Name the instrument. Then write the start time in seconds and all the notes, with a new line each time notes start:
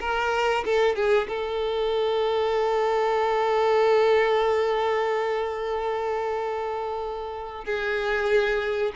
violin
0.00 A#4
0.65 A4
0.95 G#4
1.28 A4
7.65 G#4